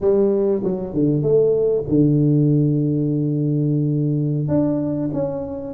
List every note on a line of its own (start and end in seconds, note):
0.00 0.62 G3
0.63 0.93 F#3
0.93 1.22 D3
1.22 1.84 A3
1.88 4.48 D3
4.48 5.09 D4
5.13 5.74 C#4